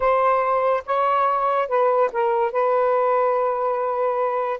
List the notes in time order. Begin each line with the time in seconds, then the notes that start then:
0.00 C5
0.86 C#5
1.68 B4
2.12 A#4
2.52 B4